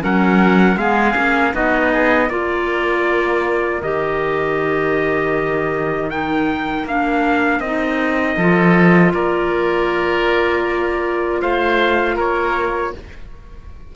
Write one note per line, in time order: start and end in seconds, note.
0.00 0.76 F#3
0.00 0.76 C#4
0.00 0.79 A#4
0.00 0.78 F#5
0.76 1.14 G#3
0.76 1.14 B3
0.76 1.54 G#4
0.76 1.54 F5
1.14 1.53 A#3
1.14 1.52 C#4
1.53 2.30 B3
1.53 2.29 D#4
1.53 1.92 F#4
1.53 2.29 D#5
1.93 2.29 G#4
2.29 3.82 A#3
2.29 3.81 F4
2.29 8.37 A#4
2.29 3.81 D5
3.82 6.84 D#3
3.82 6.11 G4
3.82 6.10 D#5
6.10 6.87 D#4
6.10 6.86 G5
6.84 7.60 A#3
6.84 7.63 D4
6.84 7.60 F5
7.60 8.36 C4
7.60 8.40 D#4
7.60 9.12 D#5
8.37 9.13 F3
8.37 12.96 F4
8.37 9.12 A4
9.14 11.42 A#3
9.14 11.42 A#4
9.14 11.42 D5
11.42 12.17 A3
11.42 12.15 C5
11.42 12.18 F5
12.15 12.93 A#3
12.15 12.91 A#4
12.15 12.95 C#5